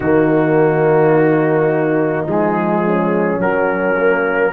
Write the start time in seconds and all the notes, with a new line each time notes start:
0.00 D#3 A#3 D#4 F#4
2.26 F3 G#3 G#4
2.85 C#4
3.38 F#3 A#4
3.97 A#3